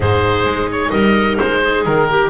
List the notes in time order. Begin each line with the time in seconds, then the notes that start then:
0.00 G#2 D#4 G#4 C5
0.44 G#3
0.71 C#5
0.90 G3 A#4 D#5
1.38 G#3 C5
1.62 G#4
1.84 D#3 A#4
2.09 G4